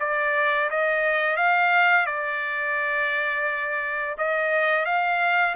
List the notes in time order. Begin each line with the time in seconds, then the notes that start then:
0.00 D5
0.70 D#5
1.37 F5
2.06 D5
4.18 D#5
4.86 F5